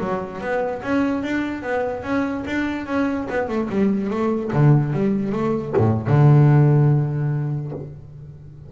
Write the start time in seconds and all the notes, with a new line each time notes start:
0.00 F#3
0.41 B3
0.83 C#4
1.23 D4
1.63 B3
2.03 C#4
2.47 D4
2.87 C#4
3.30 B3
3.48 A3
3.69 G3
4.10 A3
4.53 D3
4.93 G3
5.32 A3
5.77 A2
6.07 D3